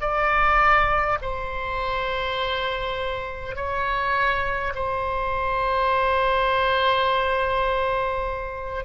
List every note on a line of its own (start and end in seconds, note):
0.00 1.18 D5
1.21 3.55 C5
3.55 4.73 C#5
4.74 8.84 C5